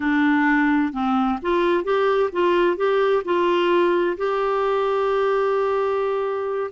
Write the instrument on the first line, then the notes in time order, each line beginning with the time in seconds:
clarinet
0.00 D4
0.93 C4
1.42 F4
1.84 G4
2.32 F4
2.76 G4
3.24 F4
4.17 G4